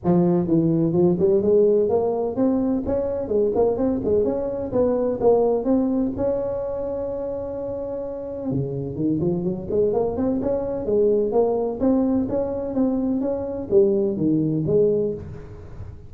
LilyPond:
\new Staff \with { instrumentName = "tuba" } { \time 4/4 \tempo 4 = 127 f4 e4 f8 g8 gis4 | ais4 c'4 cis'4 gis8 ais8 | c'8 gis8 cis'4 b4 ais4 | c'4 cis'2.~ |
cis'2 cis4 dis8 f8 | fis8 gis8 ais8 c'8 cis'4 gis4 | ais4 c'4 cis'4 c'4 | cis'4 g4 dis4 gis4 | }